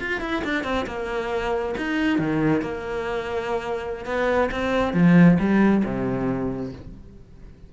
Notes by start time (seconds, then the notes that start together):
0.00 F4
0.21 E4
0.45 D4
0.64 C4
0.87 A#3
1.78 D#4
2.19 D#3
2.62 A#3
4.06 B3
4.52 C4
4.94 F3
5.40 G3
5.85 C3